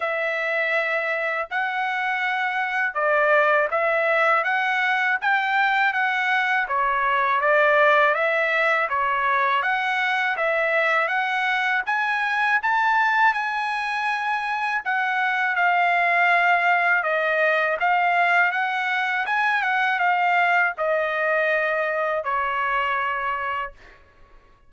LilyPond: \new Staff \with { instrumentName = "trumpet" } { \time 4/4 \tempo 4 = 81 e''2 fis''2 | d''4 e''4 fis''4 g''4 | fis''4 cis''4 d''4 e''4 | cis''4 fis''4 e''4 fis''4 |
gis''4 a''4 gis''2 | fis''4 f''2 dis''4 | f''4 fis''4 gis''8 fis''8 f''4 | dis''2 cis''2 | }